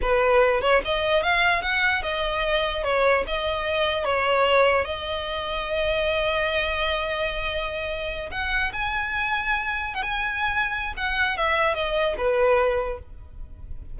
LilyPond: \new Staff \with { instrumentName = "violin" } { \time 4/4 \tempo 4 = 148 b'4. cis''8 dis''4 f''4 | fis''4 dis''2 cis''4 | dis''2 cis''2 | dis''1~ |
dis''1~ | dis''8 fis''4 gis''2~ gis''8~ | gis''8 fis''16 gis''2~ gis''16 fis''4 | e''4 dis''4 b'2 | }